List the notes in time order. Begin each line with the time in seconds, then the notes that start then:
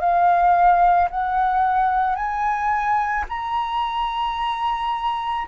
0.00 F5
1.11 F#5
2.16 G#5
3.29 A#5